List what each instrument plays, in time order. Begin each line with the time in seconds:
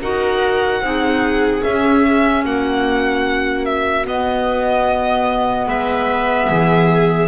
0.00 double bass D#4, clarinet F#4, viola A#4, violin F#5
0.81 double bass C4, clarinet D#4, viola G#4
1.61 clarinet C#4, double bass C#4, violin E5
2.43 double bass A#3, viola F#4, violin F#5
3.65 violin E5
4.03 clarinet B3, double bass B3, violin D#5
5.67 double bass G#3, viola B4, violin E5
6.48 double bass E3, viola G#4